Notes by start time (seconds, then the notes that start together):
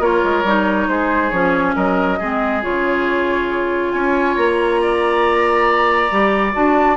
0.00 A#3 F4 A#4 C#5
0.24 G#3
0.44 G3 D#4
0.88 G#3 G#4 C5
1.30 F3 C#4 C#5
1.76 F#3 A#4 D#5
2.19 G#3 C4 G#4
2.62 C#3 F4 C#5
3.92 C#4 C#5 G#5
4.36 A#3 A#5
4.82 D5
6.12 G3 G4
6.53 D4 F#4 A5